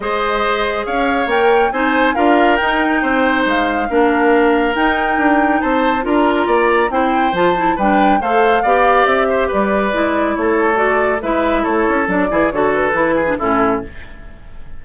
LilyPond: <<
  \new Staff \with { instrumentName = "flute" } { \time 4/4 \tempo 4 = 139 dis''2 f''4 g''4 | gis''4 f''4 g''2 | f''2. g''4~ | g''4 a''4 ais''2 |
g''4 a''4 g''4 f''4~ | f''4 e''4 d''2 | cis''4 d''4 e''4 cis''4 | d''4 cis''8 b'4. a'4 | }
  \new Staff \with { instrumentName = "oboe" } { \time 4/4 c''2 cis''2 | c''4 ais'2 c''4~ | c''4 ais'2.~ | ais'4 c''4 ais'4 d''4 |
c''2 b'4 c''4 | d''4. c''8 b'2 | a'2 b'4 a'4~ | a'8 gis'8 a'4. gis'8 e'4 | }
  \new Staff \with { instrumentName = "clarinet" } { \time 4/4 gis'2. ais'4 | dis'4 f'4 dis'2~ | dis'4 d'2 dis'4~ | dis'2 f'2 |
e'4 f'8 e'8 d'4 a'4 | g'2. e'4~ | e'4 fis'4 e'2 | d'8 e'8 fis'4 e'8. d'16 cis'4 | }
  \new Staff \with { instrumentName = "bassoon" } { \time 4/4 gis2 cis'4 ais4 | c'4 d'4 dis'4 c'4 | gis4 ais2 dis'4 | d'4 c'4 d'4 ais4 |
c'4 f4 g4 a4 | b4 c'4 g4 gis4 | a2 gis4 a8 cis'8 | fis8 e8 d4 e4 a,4 | }
>>